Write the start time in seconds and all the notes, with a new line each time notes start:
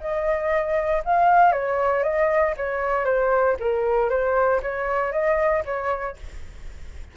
0.00 D#5
1.04 F5
1.52 C#5
2.03 D#5
2.56 C#5
3.05 C5
3.59 A#4
4.09 C5
4.62 C#5
5.12 D#5
5.65 C#5